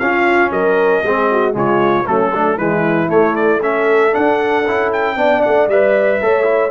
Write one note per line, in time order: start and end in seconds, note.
0.00 0.51 C#4
0.00 1.05 C#4
0.00 0.52 F4
0.00 0.52 F5
0.51 1.03 F#3
0.51 1.04 A#4
0.51 1.56 D#5
1.03 1.55 G#3
1.03 1.53 C4
1.03 1.30 G#4
1.31 1.56 F#4
1.53 2.07 C#3
1.53 2.05 G#3
1.53 2.08 F4
1.53 2.07 C#5
2.06 2.58 F#3
2.06 2.32 A3
2.06 2.33 C#4
2.06 2.58 A4
2.33 2.58 A3
2.33 2.59 D4
2.58 3.09 E3
2.58 3.08 G#3
2.58 3.61 E4
2.58 3.10 B4
3.08 3.60 A3
3.08 4.15 A3
3.08 3.36 C#5
3.36 3.62 D5
3.61 4.12 C#4
3.61 5.16 A4
3.61 4.15 E5
4.12 4.64 D4
4.12 4.67 D4
4.12 4.92 F#5
4.67 5.16 C#4
4.67 5.17 E4
4.93 5.42 G5
5.16 5.42 B3
5.16 5.68 D4
5.16 6.21 D5
5.42 5.68 A3
5.42 5.68 F#5
5.68 6.20 G3
5.68 6.22 B4
5.68 6.71 E5
6.22 6.71 A3
6.22 6.44 A4
6.22 6.71 C#5
6.44 6.70 E4